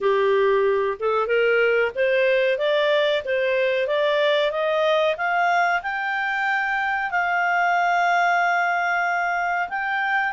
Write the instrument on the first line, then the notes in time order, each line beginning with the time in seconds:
clarinet
0.00 G4
0.99 A4
1.27 A#4
1.95 C5
2.58 D5
3.24 C5
3.87 D5
4.51 D#5
5.17 F5
5.82 G5
7.10 F5
9.69 G5